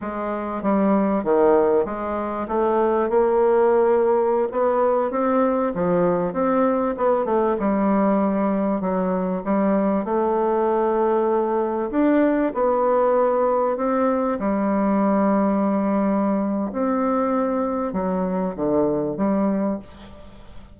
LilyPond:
\new Staff \with { instrumentName = "bassoon" } { \time 4/4 \tempo 4 = 97 gis4 g4 dis4 gis4 | a4 ais2~ ais16 b8.~ | b16 c'4 f4 c'4 b8 a16~ | a16 g2 fis4 g8.~ |
g16 a2. d'8.~ | d'16 b2 c'4 g8.~ | g2. c'4~ | c'4 fis4 d4 g4 | }